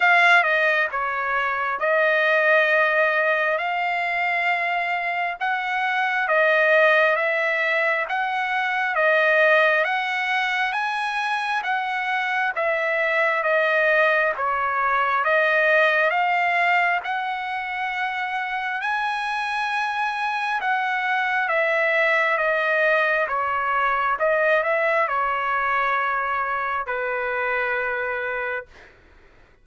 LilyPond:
\new Staff \with { instrumentName = "trumpet" } { \time 4/4 \tempo 4 = 67 f''8 dis''8 cis''4 dis''2 | f''2 fis''4 dis''4 | e''4 fis''4 dis''4 fis''4 | gis''4 fis''4 e''4 dis''4 |
cis''4 dis''4 f''4 fis''4~ | fis''4 gis''2 fis''4 | e''4 dis''4 cis''4 dis''8 e''8 | cis''2 b'2 | }